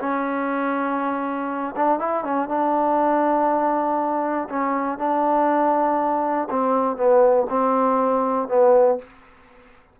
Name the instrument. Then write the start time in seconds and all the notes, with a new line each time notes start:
trombone
0.00 C#4
1.76 D4
2.00 E4
2.24 C#4
2.49 D4
4.50 C#4
4.99 D4
6.50 C4
6.97 B3
7.50 C4
8.49 B3